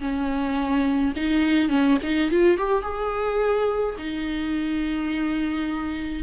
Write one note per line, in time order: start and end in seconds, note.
0.00 1.13 C#4
1.16 1.69 D#4
1.69 1.97 C#4
2.03 2.31 D#4
2.31 2.58 F4
2.58 2.82 G4
2.82 3.95 G#4
3.98 6.23 D#4